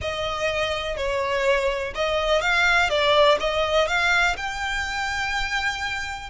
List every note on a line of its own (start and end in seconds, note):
0.01 0.97 D#5
0.97 1.93 C#5
1.94 2.41 D#5
2.41 2.89 F5
2.89 3.38 D5
3.40 3.87 D#5
3.87 4.35 F5
4.37 6.29 G5